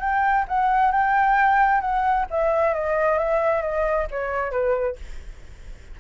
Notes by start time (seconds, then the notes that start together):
0.00 G5
0.48 F#5
0.91 G5
1.81 F#5
2.30 E5
2.74 D#5
3.19 E5
3.62 D#5
4.11 C#5
4.51 B4